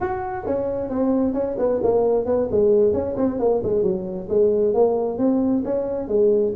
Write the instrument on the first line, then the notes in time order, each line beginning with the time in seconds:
tuba
0.00 F#4
0.46 C#4
0.89 C4
1.33 C#4
1.58 B3
1.83 A#3
2.25 B3
2.51 G#3
2.93 C#4
3.17 C4
3.39 A#3
3.63 G#3
3.82 F#3
4.29 G#3
4.74 A#3
5.18 C4
5.64 C#4
6.08 G#3